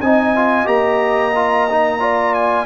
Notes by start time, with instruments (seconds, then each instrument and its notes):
0.00 tuba C4, trombone D#4, horn D#5, trumpet G#5
0.35 trombone F4
0.65 tuba A#3, trombone G4, trumpet A#5
1.35 trombone F4
1.69 trombone D#4
1.99 trombone F4, horn D5
2.33 trumpet G#5